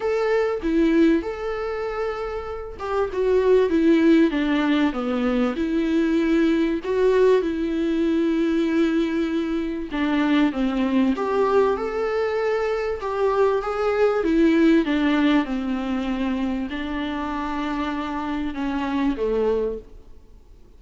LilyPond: \new Staff \with { instrumentName = "viola" } { \time 4/4 \tempo 4 = 97 a'4 e'4 a'2~ | a'8 g'8 fis'4 e'4 d'4 | b4 e'2 fis'4 | e'1 |
d'4 c'4 g'4 a'4~ | a'4 g'4 gis'4 e'4 | d'4 c'2 d'4~ | d'2 cis'4 a4 | }